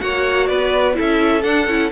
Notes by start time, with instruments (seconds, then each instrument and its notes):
0.00 cello A#3, viola F#4, violin C#5 F#5
0.47 cello B3, violin B4 D5
0.94 viola E4, violin A4 E5
1.00 cello C#4
1.43 viola D4, cello D4, violin F#5
1.67 cello C#4, viola E4